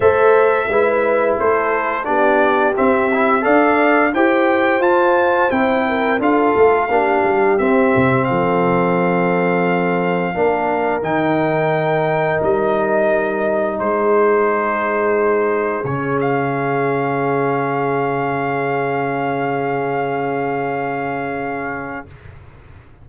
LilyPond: <<
  \new Staff \with { instrumentName = "trumpet" } { \time 4/4 \tempo 4 = 87 e''2 c''4 d''4 | e''4 f''4 g''4 a''4 | g''4 f''2 e''4 | f''1 |
g''2 dis''2 | c''2. cis''8 f''8~ | f''1~ | f''1 | }
  \new Staff \with { instrumentName = "horn" } { \time 4/4 c''4 b'4 a'4 g'4~ | g'4 d''4 c''2~ | c''8 ais'8 a'4 g'2 | a'2. ais'4~ |
ais'1 | gis'1~ | gis'1~ | gis'1 | }
  \new Staff \with { instrumentName = "trombone" } { \time 4/4 a'4 e'2 d'4 | c'8 e'8 a'4 g'4 f'4 | e'4 f'4 d'4 c'4~ | c'2. d'4 |
dis'1~ | dis'2. cis'4~ | cis'1~ | cis'1 | }
  \new Staff \with { instrumentName = "tuba" } { \time 4/4 a4 gis4 a4 b4 | c'4 d'4 e'4 f'4 | c'4 d'8 a8 ais8 g8 c'8 c8 | f2. ais4 |
dis2 g2 | gis2. cis4~ | cis1~ | cis1 | }
>>